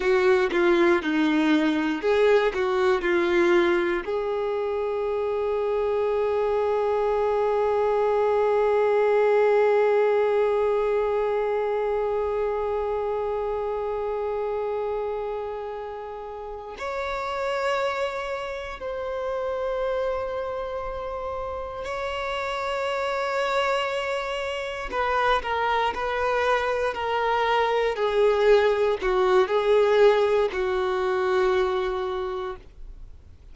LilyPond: \new Staff \with { instrumentName = "violin" } { \time 4/4 \tempo 4 = 59 fis'8 f'8 dis'4 gis'8 fis'8 f'4 | gis'1~ | gis'1~ | gis'1~ |
gis'8 cis''2 c''4.~ | c''4. cis''2~ cis''8~ | cis''8 b'8 ais'8 b'4 ais'4 gis'8~ | gis'8 fis'8 gis'4 fis'2 | }